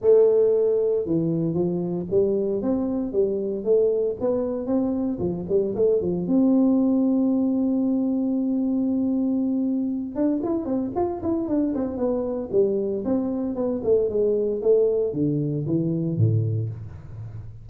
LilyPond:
\new Staff \with { instrumentName = "tuba" } { \time 4/4 \tempo 4 = 115 a2 e4 f4 | g4 c'4 g4 a4 | b4 c'4 f8 g8 a8 f8 | c'1~ |
c'2.~ c'8 d'8 | e'8 c'8 f'8 e'8 d'8 c'8 b4 | g4 c'4 b8 a8 gis4 | a4 d4 e4 a,4 | }